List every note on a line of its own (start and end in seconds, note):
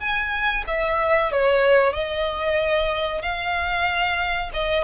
0.00 0.65 G#5
0.67 1.32 E5
1.32 1.93 C#5
1.93 3.22 D#5
3.22 4.51 F5
4.53 4.84 D#5